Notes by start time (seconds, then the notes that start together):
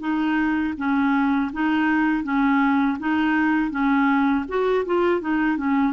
0.00 D#4
0.77 C#4
1.53 D#4
2.23 C#4
2.99 D#4
3.70 C#4
4.48 F#4
4.86 F4
5.21 D#4
5.57 C#4